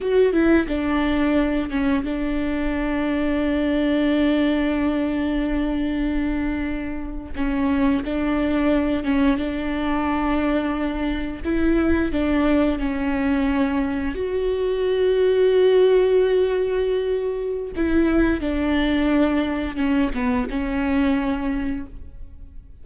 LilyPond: \new Staff \with { instrumentName = "viola" } { \time 4/4 \tempo 4 = 88 fis'8 e'8 d'4. cis'8 d'4~ | d'1~ | d'2~ d'8. cis'4 d'16~ | d'4~ d'16 cis'8 d'2~ d'16~ |
d'8. e'4 d'4 cis'4~ cis'16~ | cis'8. fis'2.~ fis'16~ | fis'2 e'4 d'4~ | d'4 cis'8 b8 cis'2 | }